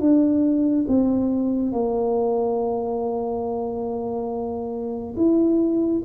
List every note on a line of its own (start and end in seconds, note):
0.00 0.86 D4
0.88 1.73 C4
1.73 5.15 A#3
5.17 6.03 E4